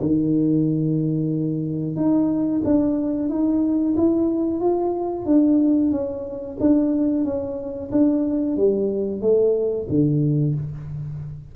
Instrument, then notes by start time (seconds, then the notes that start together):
tuba
0.00 D#3
1.96 D#4
2.64 D4
3.29 D#4
3.97 E4
4.60 F4
5.25 D4
5.91 C#4
6.60 D4
7.24 C#4
7.92 D4
8.57 G3
9.21 A3
9.89 D3